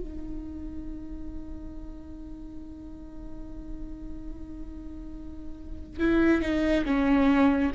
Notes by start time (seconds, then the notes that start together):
0.00 D#4
6.00 E4
6.42 D#4
6.85 C#4